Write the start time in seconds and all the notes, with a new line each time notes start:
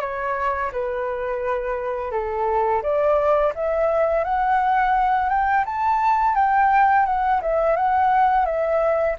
0.00 C#5
0.72 B4
2.11 A4
2.82 D5
3.55 E5
4.24 F#5
5.29 G5
5.65 A5
6.35 G5
7.06 F#5
7.41 E5
7.76 F#5
8.45 E5